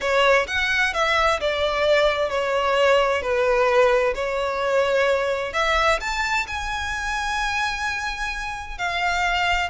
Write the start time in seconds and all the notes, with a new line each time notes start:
0.00 C#5
0.47 F#5
0.93 E5
1.40 D5
2.29 C#5
3.21 B4
4.14 C#5
5.53 E5
6.00 A5
6.47 G#5
8.78 F5